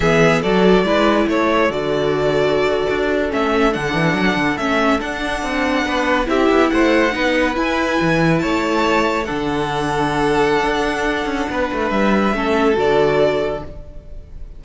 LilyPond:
<<
  \new Staff \with { instrumentName = "violin" } { \time 4/4 \tempo 4 = 141 e''4 d''2 cis''4 | d''2.~ d''8. e''16~ | e''8. fis''2 e''4 fis''16~ | fis''2~ fis''8. e''4 fis''16~ |
fis''4.~ fis''16 gis''2 a''16~ | a''4.~ a''16 fis''2~ fis''16~ | fis''1 | e''2 d''2 | }
  \new Staff \with { instrumentName = "violin" } { \time 4/4 gis'4 a'4 b'4 a'4~ | a'1~ | a'1~ | a'4.~ a'16 b'4 g'4 c''16~ |
c''8. b'2. cis''16~ | cis''4.~ cis''16 a'2~ a'16~ | a'2. b'4~ | b'4 a'2. | }
  \new Staff \with { instrumentName = "viola" } { \time 4/4 b4 fis'4 e'2 | fis'2.~ fis'8. cis'16~ | cis'8. d'2 cis'4 d'16~ | d'2~ d'8. e'4~ e'16~ |
e'8. dis'4 e'2~ e'16~ | e'4.~ e'16 d'2~ d'16~ | d'1~ | d'4 cis'4 fis'2 | }
  \new Staff \with { instrumentName = "cello" } { \time 4/4 e4 fis4 gis4 a4 | d2~ d8. d'4 a16~ | a8. d8 e8 fis8 d8 a4 d'16~ | d'8. c'4 b4 c'8 b8 a16~ |
a8. b4 e'4 e4 a16~ | a4.~ a16 d2~ d16~ | d4 d'4. cis'8 b8 a8 | g4 a4 d2 | }
>>